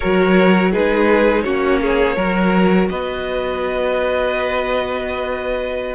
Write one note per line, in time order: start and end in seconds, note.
0.00 0.74 F#3
0.00 0.72 F#4
0.00 0.71 A#4
0.00 0.71 C#5
0.71 1.46 G#3
0.71 1.44 D#4
0.71 1.43 G#4
0.71 1.42 B4
1.42 2.17 A#3
1.42 2.16 C#4
1.42 1.80 F#4
1.42 2.86 C#5
1.81 2.16 G#4
2.16 2.89 F#3
2.16 5.94 F#4
2.16 2.88 A#4
2.89 5.94 B3
2.89 5.94 B4
2.89 5.94 D#5